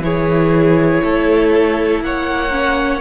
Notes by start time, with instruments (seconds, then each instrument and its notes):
0.00 cello E3, viola E4, violin G#4 C#5
1.04 cello A3, violin A4
2.02 cello A#3, violin C#5 F#5
2.51 viola C#4